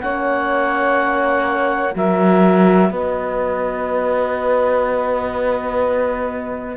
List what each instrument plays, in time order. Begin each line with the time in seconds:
0.00 cello A#3, horn C#4, saxophone C#5, clarinet F#5
1.92 cello F#3, horn F#4, saxophone A#4, clarinet E5
2.89 cello B3, saxophone B4, clarinet D#5